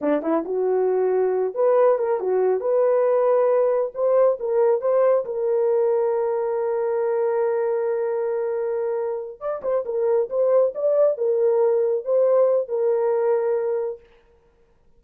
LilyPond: \new Staff \with { instrumentName = "horn" } { \time 4/4 \tempo 4 = 137 d'8 e'8 fis'2~ fis'8 b'8~ | b'8 ais'8 fis'4 b'2~ | b'4 c''4 ais'4 c''4 | ais'1~ |
ais'1~ | ais'4. d''8 c''8 ais'4 c''8~ | c''8 d''4 ais'2 c''8~ | c''4 ais'2. | }